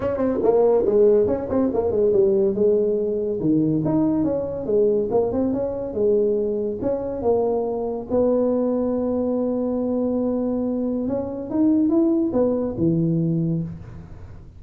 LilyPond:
\new Staff \with { instrumentName = "tuba" } { \time 4/4 \tempo 4 = 141 cis'8 c'8 ais4 gis4 cis'8 c'8 | ais8 gis8 g4 gis2 | dis4 dis'4 cis'4 gis4 | ais8 c'8 cis'4 gis2 |
cis'4 ais2 b4~ | b1~ | b2 cis'4 dis'4 | e'4 b4 e2 | }